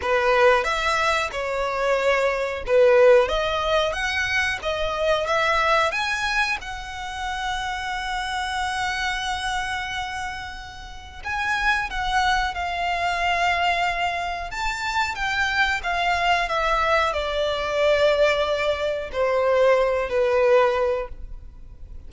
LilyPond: \new Staff \with { instrumentName = "violin" } { \time 4/4 \tempo 4 = 91 b'4 e''4 cis''2 | b'4 dis''4 fis''4 dis''4 | e''4 gis''4 fis''2~ | fis''1~ |
fis''4 gis''4 fis''4 f''4~ | f''2 a''4 g''4 | f''4 e''4 d''2~ | d''4 c''4. b'4. | }